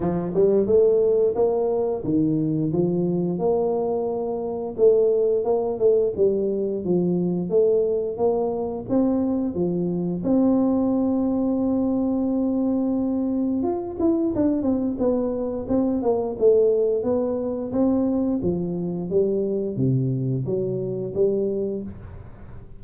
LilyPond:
\new Staff \with { instrumentName = "tuba" } { \time 4/4 \tempo 4 = 88 f8 g8 a4 ais4 dis4 | f4 ais2 a4 | ais8 a8 g4 f4 a4 | ais4 c'4 f4 c'4~ |
c'1 | f'8 e'8 d'8 c'8 b4 c'8 ais8 | a4 b4 c'4 f4 | g4 c4 fis4 g4 | }